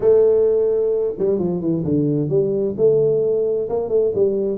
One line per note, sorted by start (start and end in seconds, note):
0.00 1.14 A3
1.18 1.38 G3
1.38 1.61 F3
1.61 1.83 E3
1.84 2.29 D3
2.29 2.75 G3
2.77 3.68 A3
3.69 3.88 A#3
3.88 4.11 A3
4.15 4.57 G3